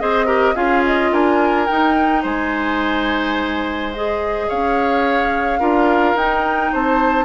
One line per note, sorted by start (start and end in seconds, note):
0.00 0.56 C4
0.00 0.27 G#4
0.00 0.26 C5
0.00 0.56 D#5
0.26 0.55 G4
0.26 0.54 A#4
0.55 1.12 C#4
0.55 1.68 F4
0.55 1.11 G#4
0.55 0.84 F5
0.86 1.14 D#5
1.12 1.68 D4
1.12 2.23 A#4
1.12 1.67 G#5
1.67 3.93 D#4
1.67 2.25 D#4
1.67 2.23 G5
2.23 4.49 G#3
2.23 4.47 C5
2.23 3.93 G#5
3.93 5.60 G#4
3.93 4.49 D#5
4.49 5.61 C#4
4.49 5.60 C#5
4.49 6.18 F5
5.60 6.15 D4
5.60 6.16 F4
5.60 6.72 A#4
6.15 6.71 D#4
6.15 7.25 D#4
6.15 6.74 G5
6.73 7.25 C4
6.73 7.25 C5
6.73 7.25 A5